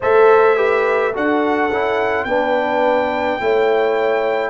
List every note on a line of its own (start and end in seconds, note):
0.00 1.15 A3
0.00 0.56 A4
0.00 0.56 C5
0.00 1.15 E5
0.56 1.12 G4
0.56 1.13 B4
1.13 1.70 D4
1.13 1.70 F#4
1.13 2.27 A4
1.13 2.24 F#5
1.70 2.24 C#4
1.70 2.28 E4
2.24 3.37 B3
2.24 3.40 D4
2.24 3.40 B4
2.24 4.50 G5
3.40 4.50 A3
3.40 4.50 E4
3.40 4.50 C#5